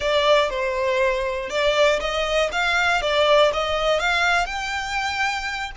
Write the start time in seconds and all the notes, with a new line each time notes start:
0.00 D5
0.50 C5
1.49 D5
2.00 D#5
2.52 F5
3.01 D5
3.52 D#5
3.99 F5
4.46 G5